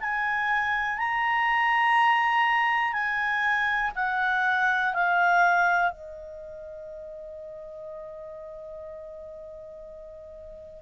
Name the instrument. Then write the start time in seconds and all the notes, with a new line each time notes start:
clarinet
0.00 G#5
0.98 A#5
2.93 G#5
3.95 F#5
4.94 F5
5.92 D#5